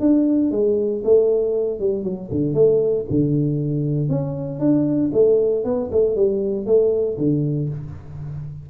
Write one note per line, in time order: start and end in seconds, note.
0.00 0.51 D4
0.51 1.03 G#3
1.04 1.79 A3
1.79 2.03 G3
2.03 2.29 F#3
2.31 2.54 D3
2.54 3.05 A3
3.10 4.09 D3
4.09 4.59 C#4
4.59 5.11 D4
5.13 5.64 A3
5.64 5.90 B3
5.91 6.15 A3
6.15 6.66 G3
6.66 7.17 A3
7.17 7.69 D3